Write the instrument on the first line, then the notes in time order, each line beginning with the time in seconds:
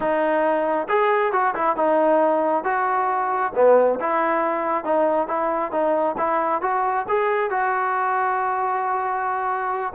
trombone
0.00 D#4
0.88 G#4
1.32 F#4
1.55 E4
1.76 D#4
2.64 F#4
3.55 B3
3.99 E4
4.84 D#4
5.27 E4
5.71 D#4
6.17 E4
6.61 F#4
7.08 G#4
7.50 F#4